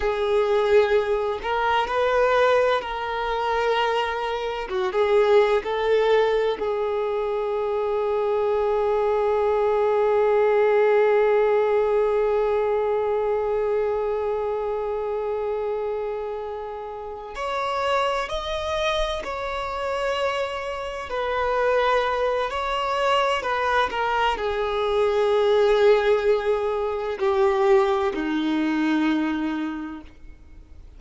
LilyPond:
\new Staff \with { instrumentName = "violin" } { \time 4/4 \tempo 4 = 64 gis'4. ais'8 b'4 ais'4~ | ais'4 fis'16 gis'8. a'4 gis'4~ | gis'1~ | gis'1~ |
gis'2~ gis'8 cis''4 dis''8~ | dis''8 cis''2 b'4. | cis''4 b'8 ais'8 gis'2~ | gis'4 g'4 dis'2 | }